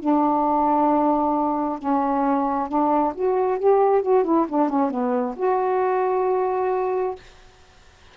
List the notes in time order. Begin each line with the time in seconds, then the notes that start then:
0.00 D4
1.79 C#4
2.69 D4
3.15 F#4
3.59 G4
4.02 F#4
4.24 E4
4.49 D4
4.69 C#4
4.91 B3
5.36 F#4